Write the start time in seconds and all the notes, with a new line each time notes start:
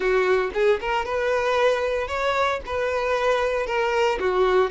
0.00 F#4
0.53 G#4
0.80 A#4
1.05 B4
2.07 C#5
2.66 B4
3.66 A#4
4.19 F#4